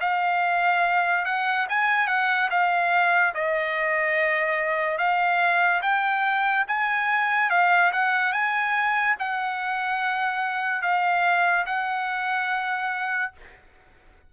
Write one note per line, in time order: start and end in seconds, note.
0.00 1.25 F5
1.25 1.67 F#5
1.69 2.07 G#5
2.07 2.49 F#5
2.50 3.33 F5
3.34 4.98 D#5
4.98 5.81 F5
5.82 6.65 G5
6.67 7.50 G#5
7.50 7.92 F5
7.92 8.32 F#5
8.32 9.16 G#5
9.19 10.82 F#5
10.82 11.65 F5
11.66 13.33 F#5